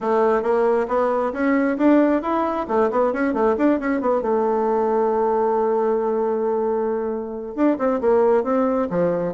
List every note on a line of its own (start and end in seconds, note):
0.00 0.42 A3
0.42 0.87 A#3
0.88 1.32 B3
1.32 1.77 C#4
1.77 2.22 D4
2.22 2.66 E4
2.68 2.90 A3
2.91 3.13 B3
3.13 3.33 C#4
3.33 3.55 A3
3.57 3.79 D4
3.79 4.00 C#4
4.00 4.21 B3
4.21 7.55 A3
7.55 7.77 D4
7.78 8.00 C4
8.00 8.43 A#3
8.43 8.88 C4
8.90 9.33 F3